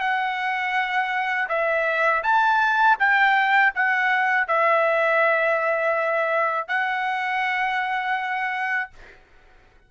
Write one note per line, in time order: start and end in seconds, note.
0.00 1.48 F#5
1.49 2.23 E5
2.24 2.98 A5
2.99 3.73 G5
3.75 4.47 F#5
4.47 6.68 E5
6.68 8.91 F#5